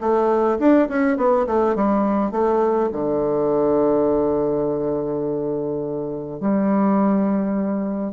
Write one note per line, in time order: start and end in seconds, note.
0.00 0.58 A3
0.59 0.88 D4
0.88 1.17 C#4
1.17 1.46 B3
1.46 1.75 A3
1.75 2.31 G3
2.31 2.89 A3
2.92 6.40 D3
6.40 8.13 G3